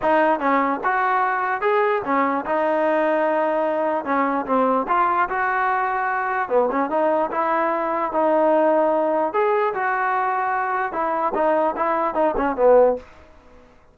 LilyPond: \new Staff \with { instrumentName = "trombone" } { \time 4/4 \tempo 4 = 148 dis'4 cis'4 fis'2 | gis'4 cis'4 dis'2~ | dis'2 cis'4 c'4 | f'4 fis'2. |
b8 cis'8 dis'4 e'2 | dis'2. gis'4 | fis'2. e'4 | dis'4 e'4 dis'8 cis'8 b4 | }